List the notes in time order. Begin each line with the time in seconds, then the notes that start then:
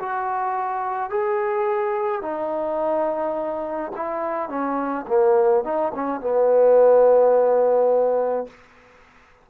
0.00 F#4
1.10 G#4
2.22 D#4
3.96 E4
4.50 C#4
5.08 A#3
5.64 D#4
5.95 C#4
6.21 B3